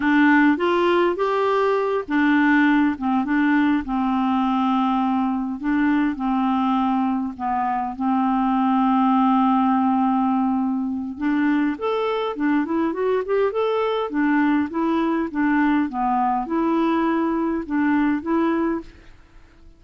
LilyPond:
\new Staff \with { instrumentName = "clarinet" } { \time 4/4 \tempo 4 = 102 d'4 f'4 g'4. d'8~ | d'4 c'8 d'4 c'4.~ | c'4. d'4 c'4.~ | c'8 b4 c'2~ c'8~ |
c'2. d'4 | a'4 d'8 e'8 fis'8 g'8 a'4 | d'4 e'4 d'4 b4 | e'2 d'4 e'4 | }